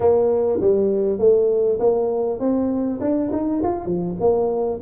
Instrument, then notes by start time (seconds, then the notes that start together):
tuba
0.00 A#3
0.61 G3
1.18 A3
1.79 A#3
2.39 C4
3.00 D4
3.32 D#4
3.63 F4
3.85 F3
4.19 A#3